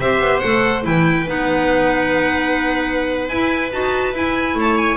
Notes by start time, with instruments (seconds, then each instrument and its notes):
0.00 double bass C4, clarinet G4, viola C5, violin E5
0.20 double bass B3
0.39 double bass A3, clarinet A4, violin F#5
0.82 double bass E3, clarinet E4, viola B4, violin G5
1.27 double bass B3, clarinet D#4, violin F#5
3.28 double bass E4, clarinet E4, violin G#5
3.71 double bass D#4, clarinet F#4, violin A5
4.13 double bass E4, clarinet E4, violin G#5
4.55 double bass A3, viola C#5, violin A5
4.77 violin G#5